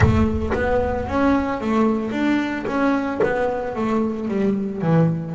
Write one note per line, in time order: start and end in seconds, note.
0.00 0.52 A3
0.53 1.07 B3
1.07 1.60 C#4
1.60 2.11 A3
2.11 2.65 D4
2.66 3.20 C#4
3.23 3.75 B3
3.75 4.28 A3
4.28 4.81 G3
4.81 5.35 E3